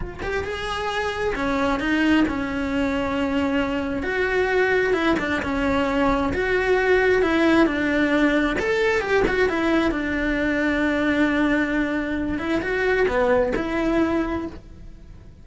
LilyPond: \new Staff \with { instrumentName = "cello" } { \time 4/4 \tempo 4 = 133 f'8 g'8 gis'2 cis'4 | dis'4 cis'2.~ | cis'4 fis'2 e'8 d'8 | cis'2 fis'2 |
e'4 d'2 a'4 | g'8 fis'8 e'4 d'2~ | d'2.~ d'8 e'8 | fis'4 b4 e'2 | }